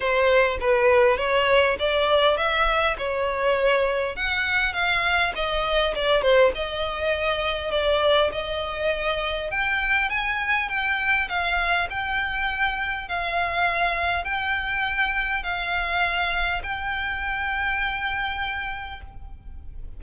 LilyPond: \new Staff \with { instrumentName = "violin" } { \time 4/4 \tempo 4 = 101 c''4 b'4 cis''4 d''4 | e''4 cis''2 fis''4 | f''4 dis''4 d''8 c''8 dis''4~ | dis''4 d''4 dis''2 |
g''4 gis''4 g''4 f''4 | g''2 f''2 | g''2 f''2 | g''1 | }